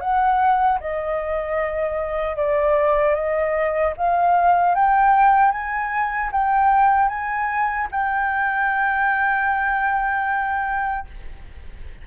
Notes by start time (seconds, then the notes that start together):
0.00 F#5
0.80 D#5
2.37 D5
3.14 D#5
3.97 F5
4.75 G5
5.51 G#5
6.32 G5
7.09 G#5
7.91 G5